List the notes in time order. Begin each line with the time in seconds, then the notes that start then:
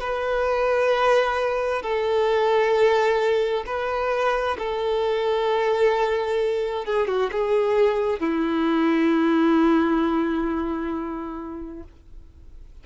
0.00 B4
1.82 A4
3.66 B4
4.58 A4
6.85 G#4
7.07 F#4
7.32 G#4
8.19 E4